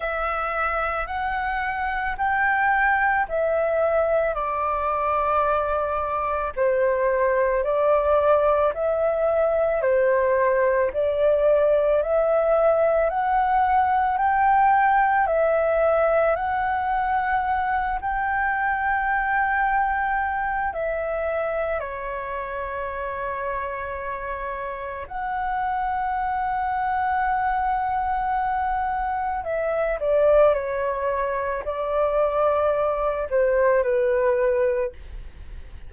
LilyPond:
\new Staff \with { instrumentName = "flute" } { \time 4/4 \tempo 4 = 55 e''4 fis''4 g''4 e''4 | d''2 c''4 d''4 | e''4 c''4 d''4 e''4 | fis''4 g''4 e''4 fis''4~ |
fis''8 g''2~ g''8 e''4 | cis''2. fis''4~ | fis''2. e''8 d''8 | cis''4 d''4. c''8 b'4 | }